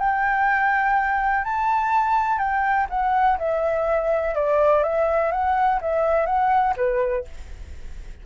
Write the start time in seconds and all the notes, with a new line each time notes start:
0.00 G5
1.45 A5
2.39 G5
2.90 F#5
3.39 E5
4.35 D5
4.84 E5
5.32 F#5
5.82 E5
6.27 F#5
6.77 B4